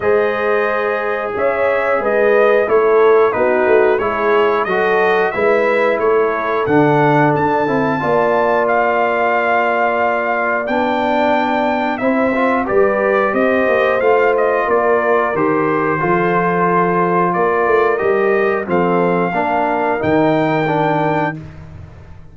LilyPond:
<<
  \new Staff \with { instrumentName = "trumpet" } { \time 4/4 \tempo 4 = 90 dis''2 e''4 dis''4 | cis''4 b'4 cis''4 dis''4 | e''4 cis''4 fis''4 a''4~ | a''4 f''2. |
g''2 e''4 d''4 | dis''4 f''8 dis''8 d''4 c''4~ | c''2 d''4 dis''4 | f''2 g''2 | }
  \new Staff \with { instrumentName = "horn" } { \time 4/4 c''2 cis''4 b'4 | a'4 fis'4 gis'4 a'4 | b'4 a'2. | d''1~ |
d''2 c''4 b'4 | c''2 ais'2 | a'2 ais'2 | a'4 ais'2. | }
  \new Staff \with { instrumentName = "trombone" } { \time 4/4 gis'1 | e'4 dis'4 e'4 fis'4 | e'2 d'4. e'8 | f'1 |
d'2 e'8 f'8 g'4~ | g'4 f'2 g'4 | f'2. g'4 | c'4 d'4 dis'4 d'4 | }
  \new Staff \with { instrumentName = "tuba" } { \time 4/4 gis2 cis'4 gis4 | a4 b8 a8 gis4 fis4 | gis4 a4 d4 d'8 c'8 | ais1 |
b2 c'4 g4 | c'8 ais8 a4 ais4 dis4 | f2 ais8 a8 g4 | f4 ais4 dis2 | }
>>